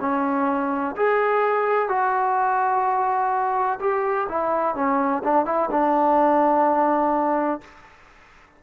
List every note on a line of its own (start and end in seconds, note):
0.00 0.95 C#4
0.95 1.88 G#4
1.88 3.79 F#4
3.80 4.27 G4
4.28 4.75 E4
4.75 5.23 C#4
5.23 5.45 D4
5.45 5.69 E4
5.70 7.61 D4